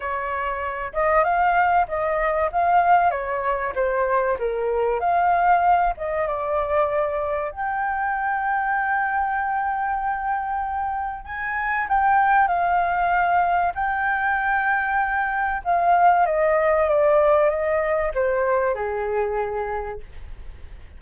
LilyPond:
\new Staff \with { instrumentName = "flute" } { \time 4/4 \tempo 4 = 96 cis''4. dis''8 f''4 dis''4 | f''4 cis''4 c''4 ais'4 | f''4. dis''8 d''2 | g''1~ |
g''2 gis''4 g''4 | f''2 g''2~ | g''4 f''4 dis''4 d''4 | dis''4 c''4 gis'2 | }